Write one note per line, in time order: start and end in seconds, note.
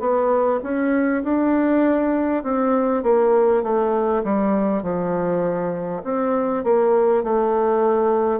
0.00 0.60 B3
0.63 1.23 C#4
1.23 2.43 D4
2.43 3.03 C4
3.03 3.63 A#3
3.63 4.23 A3
4.24 4.83 G3
4.83 6.03 F3
6.03 6.63 C4
6.63 7.23 A#3
7.23 8.40 A3